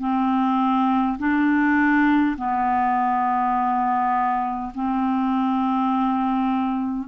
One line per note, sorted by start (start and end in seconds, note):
0.00 1.18 C4
1.18 2.36 D4
2.37 4.72 B3
4.74 7.08 C4